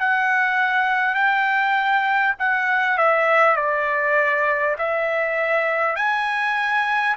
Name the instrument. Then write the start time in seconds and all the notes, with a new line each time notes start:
trumpet
0.00 F#5
1.15 G5
2.39 F#5
2.98 E5
3.57 D5
4.79 E5
5.96 G#5